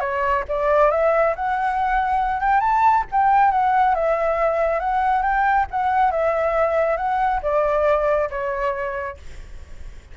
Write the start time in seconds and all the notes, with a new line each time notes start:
0.00 C#5
0.48 D5
0.91 E5
1.35 F#5
2.41 G5
2.60 A5
3.11 G5
3.51 F#5
3.95 E5
4.80 F#5
5.23 G5
5.71 F#5
6.11 E5
6.97 F#5
7.42 D5
8.30 C#5